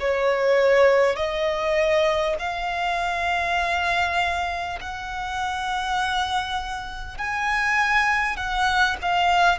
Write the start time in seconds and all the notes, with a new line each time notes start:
0.00 C#5
1.16 D#5
2.39 F5
4.81 F#5
7.18 G#5
8.37 F#5
9.02 F5